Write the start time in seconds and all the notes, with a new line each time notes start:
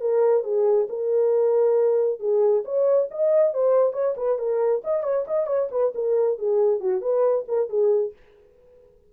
0.00 A#4
0.43 G#4
0.89 A#4
2.19 G#4
2.64 C#5
3.11 D#5
3.53 C5
3.92 C#5
4.16 B4
4.38 A#4
4.83 D#5
5.03 C#5
5.27 D#5
5.46 C#5
5.71 B4
5.94 A#4
6.38 G#4
6.79 F#4
7.01 B4
7.48 A#4
7.69 G#4